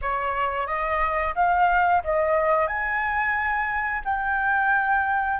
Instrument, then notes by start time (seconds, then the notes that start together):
flute
0.01 C#5
0.66 D#5
1.35 F5
2.04 D#5
2.67 G#5
4.04 G5